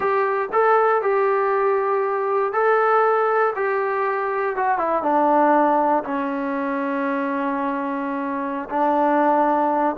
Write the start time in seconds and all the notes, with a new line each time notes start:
0.00 G4
0.52 A4
1.02 G4
2.52 A4
3.55 G4
4.56 F#4
4.78 E4
5.03 D4
6.04 C#4
8.69 D4